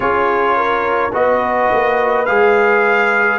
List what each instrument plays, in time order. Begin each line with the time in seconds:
0.00 tuba C#4, trombone F4, horn G#4, trumpet C#5
0.56 horn A#4
1.12 tuba B3, trombone F#4, horn B4, trumpet D#5
1.72 tuba A#3
2.25 tuba G#3, trombone G#4, trumpet F5